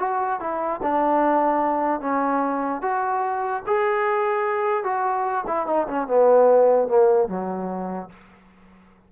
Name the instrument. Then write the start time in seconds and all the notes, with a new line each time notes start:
trombone
0.00 F#4
0.41 E4
0.83 D4
2.01 C#4
2.82 F#4
3.67 G#4
4.84 F#4
5.48 E4
5.67 D#4
5.88 C#4
6.08 B3
6.89 A#3
7.29 F#3